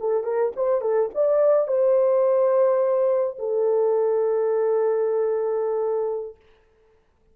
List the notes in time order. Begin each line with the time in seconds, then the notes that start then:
0.00 A4
0.23 A#4
0.56 C5
0.81 A4
1.14 D5
1.67 C5
3.39 A4